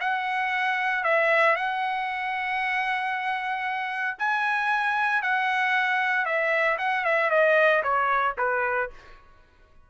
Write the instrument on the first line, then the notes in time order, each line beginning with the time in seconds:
trumpet
0.00 F#5
1.04 E5
1.56 F#5
4.19 G#5
5.22 F#5
6.25 E5
6.78 F#5
7.04 E5
7.30 D#5
7.83 C#5
8.38 B4